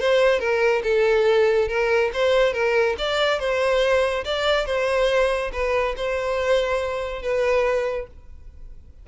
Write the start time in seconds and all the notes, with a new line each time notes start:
0.00 C5
0.40 A#4
0.84 A4
1.68 A#4
2.14 C5
2.53 A#4
2.98 D5
3.39 C5
4.25 D5
4.66 C5
5.53 B4
5.97 C5
7.22 B4